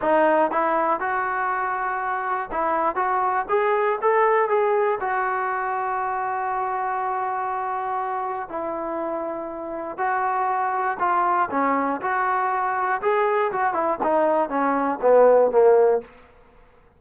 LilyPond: \new Staff \with { instrumentName = "trombone" } { \time 4/4 \tempo 4 = 120 dis'4 e'4 fis'2~ | fis'4 e'4 fis'4 gis'4 | a'4 gis'4 fis'2~ | fis'1~ |
fis'4 e'2. | fis'2 f'4 cis'4 | fis'2 gis'4 fis'8 e'8 | dis'4 cis'4 b4 ais4 | }